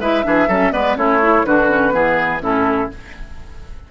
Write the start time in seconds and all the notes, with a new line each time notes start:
0.00 G#3 E4 B4 E5
0.23 E3 D4 G#4
0.48 F#3 C#4 A4
0.72 G#3 B3 B4 D5
0.96 A3 C#4 E4 C#5
1.22 E4
1.45 D3 D4 F#4 B4
1.70 C#4
1.92 E3 B3 G#4
2.41 A2 C#4 E4 A4